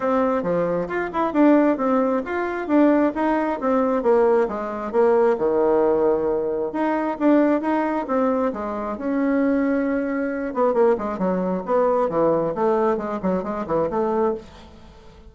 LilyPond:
\new Staff \with { instrumentName = "bassoon" } { \time 4/4 \tempo 4 = 134 c'4 f4 f'8 e'8 d'4 | c'4 f'4 d'4 dis'4 | c'4 ais4 gis4 ais4 | dis2. dis'4 |
d'4 dis'4 c'4 gis4 | cis'2.~ cis'8 b8 | ais8 gis8 fis4 b4 e4 | a4 gis8 fis8 gis8 e8 a4 | }